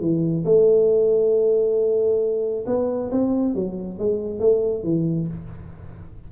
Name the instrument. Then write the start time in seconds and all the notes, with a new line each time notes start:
tuba
0.00 E3
0.45 A3
2.66 B3
3.11 C4
3.54 F#3
3.99 G#3
4.39 A3
4.83 E3